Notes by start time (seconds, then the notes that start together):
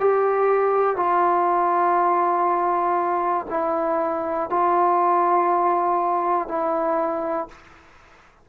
0.00 G4
0.96 F4
3.50 E4
4.50 F4
6.49 E4